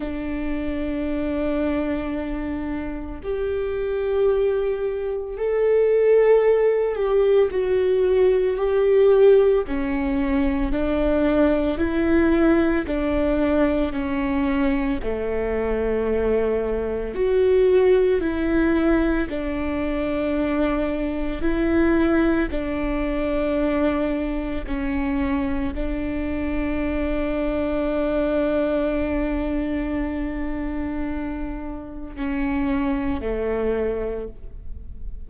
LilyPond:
\new Staff \with { instrumentName = "viola" } { \time 4/4 \tempo 4 = 56 d'2. g'4~ | g'4 a'4. g'8 fis'4 | g'4 cis'4 d'4 e'4 | d'4 cis'4 a2 |
fis'4 e'4 d'2 | e'4 d'2 cis'4 | d'1~ | d'2 cis'4 a4 | }